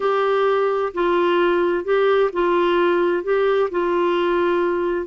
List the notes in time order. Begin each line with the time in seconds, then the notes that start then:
0.00 G4
0.94 F4
1.84 G4
2.32 F4
3.23 G4
3.70 F4